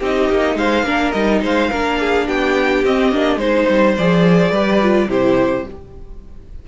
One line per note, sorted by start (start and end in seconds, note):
0.00 0.29 C4
0.00 0.85 D#4
0.00 0.57 G4
0.00 0.58 D#5
0.29 0.55 A#3
0.55 0.83 G#3
0.55 0.84 C5
0.55 1.11 F5
0.83 1.11 A#3
0.83 1.13 D4
0.83 1.41 A#4
1.11 1.42 G3
1.11 1.72 D#4
1.11 1.40 D#5
1.42 1.70 G#3
1.42 1.70 C5
1.42 2.28 F5
1.70 2.27 A#3
1.70 2.85 D4
1.70 1.98 A#4
1.99 2.27 G#4
2.27 2.84 B3
2.27 3.40 G4
2.27 2.84 G5
2.84 3.12 C4
2.84 3.38 D#5
3.12 3.36 A#3
3.12 3.39 D4
3.36 3.64 G#3
3.36 3.95 D#4
3.36 3.95 C5
3.42 4.51 C5
3.69 3.97 G3
3.97 4.50 F3
3.97 4.54 G#4
3.97 5.10 D5
4.50 5.07 G3
4.50 4.82 G4
4.50 5.08 B4
4.82 5.08 F4
5.08 5.65 C3
5.08 5.65 E4
5.08 5.65 G4
5.08 5.67 C5